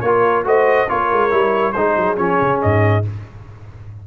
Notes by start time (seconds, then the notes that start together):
0.00 A#3 F4 A#4 C#5
0.44 A3 F#4 C5 D#5
0.88 A#3 F4 A#4 C#5
1.11 G#3
1.30 G3 E4
1.72 G#3 D#4 G#4 C5
1.96 F#3
2.16 F3 C#4 C#5
2.41 C#3
2.62 G#2 D#5